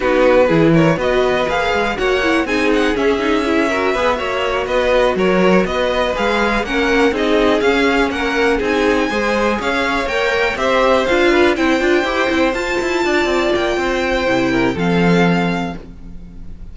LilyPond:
<<
  \new Staff \with { instrumentName = "violin" } { \time 4/4 \tempo 4 = 122 b'4. cis''8 dis''4 f''4 | fis''4 gis''8 fis''8 e''2~ | e''4. dis''4 cis''4 dis''8~ | dis''8 f''4 fis''4 dis''4 f''8~ |
f''8 fis''4 gis''2 f''8~ | f''8 g''4 e''4 f''4 g''8~ | g''4. a''2 g''8~ | g''2 f''2 | }
  \new Staff \with { instrumentName = "violin" } { \time 4/4 fis'4 gis'8 ais'8 b'2 | cis''4 gis'2~ gis'8 ais'8 | b'8 cis''4 b'4 ais'4 b'8~ | b'4. ais'4 gis'4.~ |
gis'8 ais'4 gis'4 c''4 cis''8~ | cis''4. c''4. b'8 c''8~ | c''2~ c''8 d''4. | c''4. ais'8 a'2 | }
  \new Staff \with { instrumentName = "viola" } { \time 4/4 dis'4 e'4 fis'4 gis'4 | fis'8 e'8 dis'4 cis'8 dis'8 e'8 fis'8 | gis'8 fis'2.~ fis'8~ | fis'8 gis'4 cis'4 dis'4 cis'8~ |
cis'4. dis'4 gis'4.~ | gis'8 ais'4 g'4 f'4 e'8 | f'8 g'8 e'8 f'2~ f'8~ | f'4 e'4 c'2 | }
  \new Staff \with { instrumentName = "cello" } { \time 4/4 b4 e4 b4 ais8 gis8 | ais4 c'4 cis'2 | b8 ais4 b4 fis4 b8~ | b8 gis4 ais4 c'4 cis'8~ |
cis'8 ais4 c'4 gis4 cis'8~ | cis'8 ais4 c'4 d'4 c'8 | d'8 e'8 c'8 f'8 e'8 d'8 c'8 ais8 | c'4 c4 f2 | }
>>